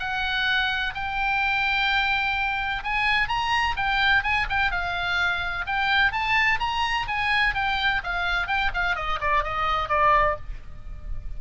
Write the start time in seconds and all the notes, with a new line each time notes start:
0.00 F#5
0.95 G5
2.84 G#5
3.29 A#5
3.77 G5
4.23 G#5
4.49 G5
4.72 F5
5.66 G5
6.12 A5
6.60 A#5
7.08 G#5
7.55 G5
8.04 F5
8.48 G5
8.74 F5
8.96 D#5
9.21 D5
9.44 D#5
9.89 D5